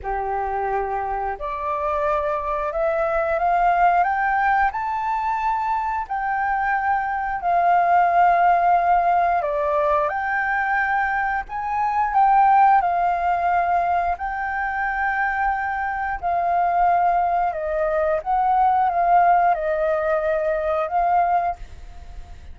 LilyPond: \new Staff \with { instrumentName = "flute" } { \time 4/4 \tempo 4 = 89 g'2 d''2 | e''4 f''4 g''4 a''4~ | a''4 g''2 f''4~ | f''2 d''4 g''4~ |
g''4 gis''4 g''4 f''4~ | f''4 g''2. | f''2 dis''4 fis''4 | f''4 dis''2 f''4 | }